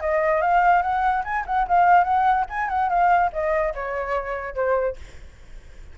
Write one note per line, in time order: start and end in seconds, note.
0.00 0.41 D#5
0.41 0.82 F5
0.82 1.23 F#5
1.24 1.45 G#5
1.46 1.67 F#5
1.68 2.04 F5
2.04 2.45 F#5
2.49 2.68 G#5
2.68 2.89 F#5
2.89 3.30 F5
3.32 3.74 D#5
3.74 4.55 C#5
4.55 4.96 C5